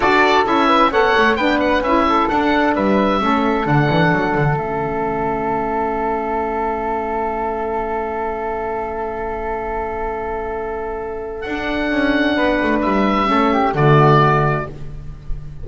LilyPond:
<<
  \new Staff \with { instrumentName = "oboe" } { \time 4/4 \tempo 4 = 131 d''4 e''4 fis''4 g''8 fis''8 | e''4 fis''4 e''2 | fis''2 e''2~ | e''1~ |
e''1~ | e''1~ | e''4 fis''2. | e''2 d''2 | }
  \new Staff \with { instrumentName = "flute" } { \time 4/4 a'4. b'8 cis''4 b'4~ | b'8 a'4. b'4 a'4~ | a'1~ | a'1~ |
a'1~ | a'1~ | a'2. b'4~ | b'4 a'8 g'8 fis'2 | }
  \new Staff \with { instrumentName = "saxophone" } { \time 4/4 fis'4 e'4 a'4 d'4 | e'4 d'2 cis'4 | d'2 cis'2~ | cis'1~ |
cis'1~ | cis'1~ | cis'4 d'2.~ | d'4 cis'4 a2 | }
  \new Staff \with { instrumentName = "double bass" } { \time 4/4 d'4 cis'4 b8 a8 b4 | cis'4 d'4 g4 a4 | d8 e8 fis8 d8 a2~ | a1~ |
a1~ | a1~ | a4 d'4 cis'4 b8 a8 | g4 a4 d2 | }
>>